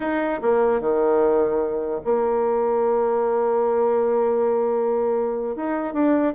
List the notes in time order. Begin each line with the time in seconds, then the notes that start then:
0.00 D#4
0.41 A#3
0.80 D#3
2.04 A#3
5.56 D#4
5.93 D4